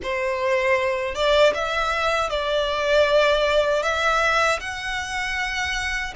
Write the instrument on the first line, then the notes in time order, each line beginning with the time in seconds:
violin
0.02 C5
1.14 D5
1.54 E5
2.30 D5
3.82 E5
4.60 F#5